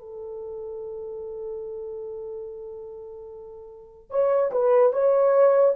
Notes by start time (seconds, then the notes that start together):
0.00 A4
4.11 C#5
4.52 B4
4.93 C#5